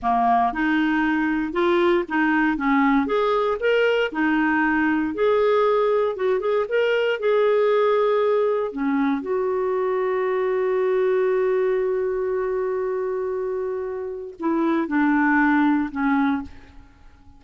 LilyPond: \new Staff \with { instrumentName = "clarinet" } { \time 4/4 \tempo 4 = 117 ais4 dis'2 f'4 | dis'4 cis'4 gis'4 ais'4 | dis'2 gis'2 | fis'8 gis'8 ais'4 gis'2~ |
gis'4 cis'4 fis'2~ | fis'1~ | fis'1 | e'4 d'2 cis'4 | }